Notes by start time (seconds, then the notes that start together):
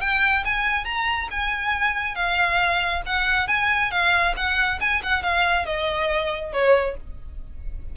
0.00 G5
0.44 G#5
0.85 A#5
1.31 G#5
2.15 F5
3.06 F#5
3.47 G#5
3.91 F5
4.36 F#5
4.80 G#5
5.02 F#5
5.23 F5
5.65 D#5
6.53 C#5